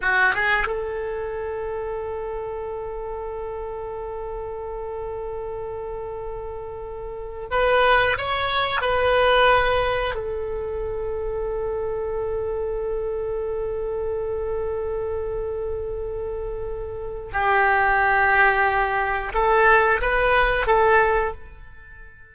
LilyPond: \new Staff \with { instrumentName = "oboe" } { \time 4/4 \tempo 4 = 90 fis'8 gis'8 a'2.~ | a'1~ | a'2.~ a'16 b'8.~ | b'16 cis''4 b'2 a'8.~ |
a'1~ | a'1~ | a'2 g'2~ | g'4 a'4 b'4 a'4 | }